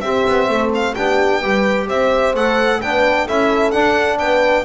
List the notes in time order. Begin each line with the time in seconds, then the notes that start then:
0.00 C4 G4 E5
0.28 B3
0.48 A3 A4
0.74 F5
0.94 B3 D4 G4 G5
1.41 G3 G4 B4
1.88 C4 C5 E5
2.34 A3 A4 F#5
2.81 B3 D4 B4 G5
3.25 C#4 E4 A4 E5
3.71 D4 F#5
4.18 B3 B4 G5